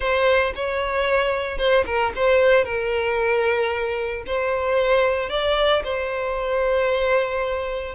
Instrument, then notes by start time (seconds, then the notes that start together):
violin
0.00 C5
0.55 C#5
1.58 C5
1.86 A#4
2.15 C5
2.64 A#4
4.26 C5
5.29 D5
5.84 C5